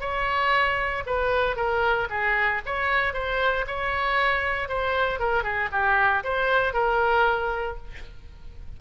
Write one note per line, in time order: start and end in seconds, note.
0.00 1.03 C#5
1.06 1.56 B4
1.56 2.08 A#4
2.10 2.61 G#4
2.66 3.13 C#5
3.13 3.65 C5
3.67 4.68 C#5
4.68 5.19 C5
5.19 5.43 A#4
5.43 5.69 G#4
5.72 6.23 G4
6.24 6.73 C5
6.73 7.77 A#4